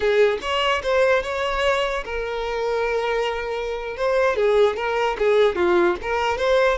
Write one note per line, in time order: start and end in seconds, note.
0.00 0.39 G#4
0.41 0.82 C#5
0.83 1.22 C5
1.22 2.03 C#5
2.04 3.96 A#4
3.96 4.35 C5
4.35 4.76 G#4
4.76 5.17 A#4
5.18 5.55 G#4
5.55 5.96 F4
6.02 6.37 A#4
6.37 6.78 C5